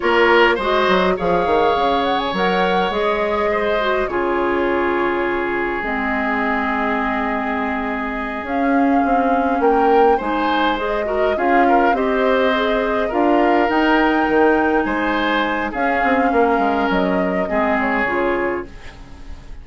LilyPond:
<<
  \new Staff \with { instrumentName = "flute" } { \time 4/4 \tempo 4 = 103 cis''4 dis''4 f''4. fis''16 gis''16 | fis''4 dis''2 cis''4~ | cis''2 dis''2~ | dis''2~ dis''8 f''4.~ |
f''8 g''4 gis''4 dis''4 f''8~ | f''8 dis''2 f''4 g''8~ | g''4. gis''4. f''4~ | f''4 dis''4. cis''4. | }
  \new Staff \with { instrumentName = "oboe" } { \time 4/4 ais'4 c''4 cis''2~ | cis''2 c''4 gis'4~ | gis'1~ | gis'1~ |
gis'8 ais'4 c''4. ais'8 gis'8 | ais'8 c''2 ais'4.~ | ais'4. c''4. gis'4 | ais'2 gis'2 | }
  \new Staff \with { instrumentName = "clarinet" } { \time 4/4 f'4 fis'4 gis'2 | ais'4 gis'4. fis'8 f'4~ | f'2 c'2~ | c'2~ c'8 cis'4.~ |
cis'4. dis'4 gis'8 fis'8 f'8~ | f'8 g'4 gis'4 f'4 dis'8~ | dis'2. cis'4~ | cis'2 c'4 f'4 | }
  \new Staff \with { instrumentName = "bassoon" } { \time 4/4 ais4 gis8 fis8 f8 dis8 cis4 | fis4 gis2 cis4~ | cis2 gis2~ | gis2~ gis8 cis'4 c'8~ |
c'8 ais4 gis2 cis'8~ | cis'8 c'2 d'4 dis'8~ | dis'8 dis4 gis4. cis'8 c'8 | ais8 gis8 fis4 gis4 cis4 | }
>>